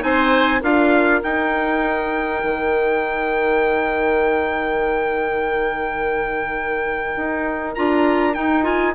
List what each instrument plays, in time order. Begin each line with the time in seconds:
0.00 bassoon C4, clarinet D#4, oboe C5, trumpet G#5
0.61 bassoon D4, clarinet F4, oboe A#4, trumpet F5
1.22 clarinet D#4, bassoon D#4, trumpet G5
2.44 bassoon D#3
7.16 bassoon D#4
7.75 bassoon D4, clarinet F4, trumpet A#5
8.34 clarinet D#4, bassoon D#4, trumpet G5
8.63 clarinet F4, trumpet G#5